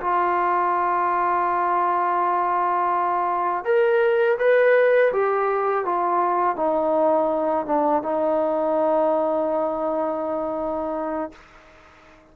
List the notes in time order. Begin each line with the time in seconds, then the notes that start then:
0.00 F4
3.64 A#4
4.38 B4
5.13 G4
5.85 F4
6.56 D#4
7.66 D4
8.02 D#4